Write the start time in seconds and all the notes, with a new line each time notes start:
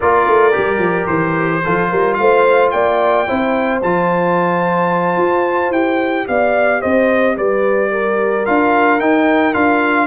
0.00 A#3 F4 A#4 D5
0.27 A3
0.52 G3 G4
0.78 F3
1.06 E3 C5
1.64 F3 F4 A4
1.90 G3 A#4
2.14 A3 C5 F5
2.70 A#3 D5 G5
3.27 C4 E4 C5
3.82 F3 F4 A5
5.17 F4
5.70 E4 G4 G5
6.27 B3 D5 F5
6.81 C4 C5 D#5
7.36 G3 B4 D5
7.91 A#4
8.45 D4 F4 F5
8.99 D#4 G5
9.53 D4 F4 F5